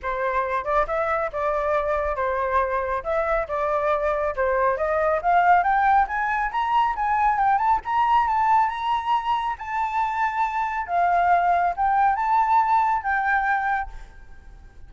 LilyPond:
\new Staff \with { instrumentName = "flute" } { \time 4/4 \tempo 4 = 138 c''4. d''8 e''4 d''4~ | d''4 c''2 e''4 | d''2 c''4 dis''4 | f''4 g''4 gis''4 ais''4 |
gis''4 g''8 a''8 ais''4 a''4 | ais''2 a''2~ | a''4 f''2 g''4 | a''2 g''2 | }